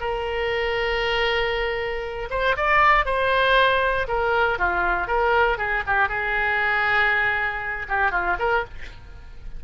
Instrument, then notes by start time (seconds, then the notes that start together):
oboe
0.00 A#4
2.30 C5
2.57 D5
3.05 C5
4.08 A#4
4.58 F4
5.07 A#4
5.57 G#4
5.87 G4
6.08 G#4
7.88 G4
8.11 F4
8.39 A#4